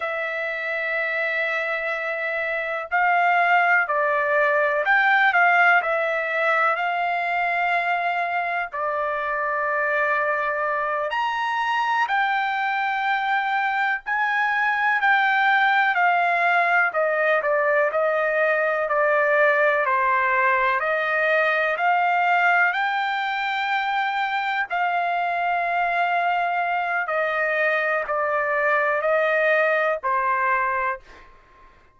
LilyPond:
\new Staff \with { instrumentName = "trumpet" } { \time 4/4 \tempo 4 = 62 e''2. f''4 | d''4 g''8 f''8 e''4 f''4~ | f''4 d''2~ d''8 ais''8~ | ais''8 g''2 gis''4 g''8~ |
g''8 f''4 dis''8 d''8 dis''4 d''8~ | d''8 c''4 dis''4 f''4 g''8~ | g''4. f''2~ f''8 | dis''4 d''4 dis''4 c''4 | }